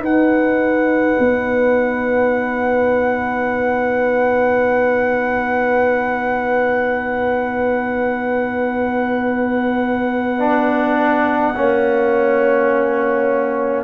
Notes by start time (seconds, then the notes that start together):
0.00 D#4 B4 F#5
1.19 B3
10.39 D4
11.56 A#3 C#4 C#5